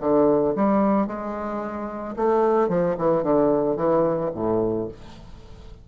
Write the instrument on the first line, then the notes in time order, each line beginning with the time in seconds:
bassoon
0.00 D3
0.55 G3
1.07 G#3
2.16 A3
2.69 F3
2.98 E3
3.23 D3
3.76 E3
4.34 A2